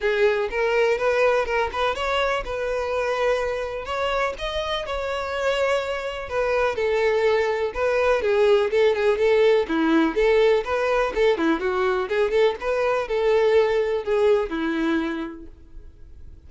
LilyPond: \new Staff \with { instrumentName = "violin" } { \time 4/4 \tempo 4 = 124 gis'4 ais'4 b'4 ais'8 b'8 | cis''4 b'2. | cis''4 dis''4 cis''2~ | cis''4 b'4 a'2 |
b'4 gis'4 a'8 gis'8 a'4 | e'4 a'4 b'4 a'8 e'8 | fis'4 gis'8 a'8 b'4 a'4~ | a'4 gis'4 e'2 | }